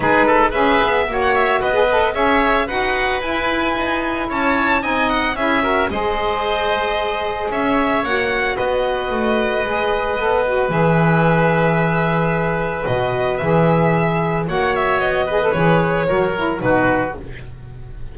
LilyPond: <<
  \new Staff \with { instrumentName = "violin" } { \time 4/4 \tempo 4 = 112 b'4 e''4~ e''16 fis''16 e''8 dis''4 | e''4 fis''4 gis''2 | a''4 gis''8 fis''8 e''4 dis''4~ | dis''2 e''4 fis''4 |
dis''1 | e''1 | dis''4 e''2 fis''8 e''8 | dis''4 cis''2 b'4 | }
  \new Staff \with { instrumentName = "oboe" } { \time 4/4 gis'8 a'8 b'4 cis''4 b'4 | cis''4 b'2. | cis''4 dis''4 gis'8 ais'8 c''4~ | c''2 cis''2 |
b'1~ | b'1~ | b'2. cis''4~ | cis''8 b'4. ais'4 fis'4 | }
  \new Staff \with { instrumentName = "saxophone" } { \time 4/4 dis'4 gis'4 fis'4~ fis'16 gis'16 a'8 | gis'4 fis'4 e'2~ | e'4 dis'4 e'8 fis'8 gis'4~ | gis'2. fis'4~ |
fis'2 gis'4 a'8 fis'8 | gis'1 | fis'4 gis'2 fis'4~ | fis'8 gis'16 a'16 gis'4 fis'8 e'8 dis'4 | }
  \new Staff \with { instrumentName = "double bass" } { \time 4/4 gis4 cis'8 b8 ais4 b4 | cis'4 dis'4 e'4 dis'4 | cis'4 c'4 cis'4 gis4~ | gis2 cis'4 ais4 |
b4 a4 gis4 b4 | e1 | b,4 e2 ais4 | b4 e4 fis4 b,4 | }
>>